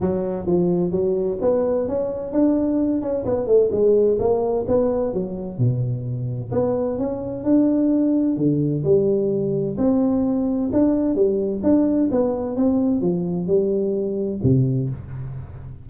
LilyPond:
\new Staff \with { instrumentName = "tuba" } { \time 4/4 \tempo 4 = 129 fis4 f4 fis4 b4 | cis'4 d'4. cis'8 b8 a8 | gis4 ais4 b4 fis4 | b,2 b4 cis'4 |
d'2 d4 g4~ | g4 c'2 d'4 | g4 d'4 b4 c'4 | f4 g2 c4 | }